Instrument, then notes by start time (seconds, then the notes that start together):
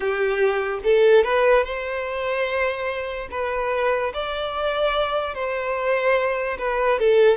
violin
0.00 G4
0.83 A4
1.24 B4
1.64 C5
3.30 B4
4.13 D5
5.34 C5
6.58 B4
6.99 A4